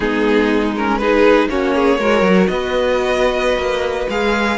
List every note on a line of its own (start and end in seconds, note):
0.00 1.47 G#3
0.00 0.75 B3
0.00 0.99 D#4
0.00 0.73 G#4
0.76 1.01 C#4
0.76 0.98 A#4
0.98 1.49 D#4
0.98 1.49 G#4
0.98 1.48 B4
1.49 1.99 A#3
1.49 1.99 C#4
1.49 1.75 F#4
1.49 2.47 C#5
1.75 1.99 G#4
1.99 2.21 G#3
1.99 4.10 F#4
1.99 2.49 A#4
2.21 2.46 F#3
2.47 3.57 B3
2.47 4.58 B4
2.47 4.08 D#5
3.57 4.07 A#3
4.09 4.58 G#3
4.09 4.58 G#4
4.09 4.58 F5